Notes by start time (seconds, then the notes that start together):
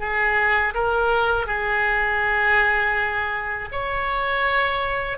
0.00 G#4
0.75 A#4
1.47 G#4
3.72 C#5